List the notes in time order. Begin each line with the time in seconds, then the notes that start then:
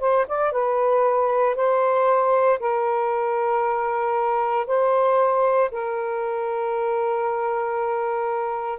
0.00 C5
0.28 D5
0.52 B4
1.56 C5
2.60 A#4
4.67 C5
5.71 A#4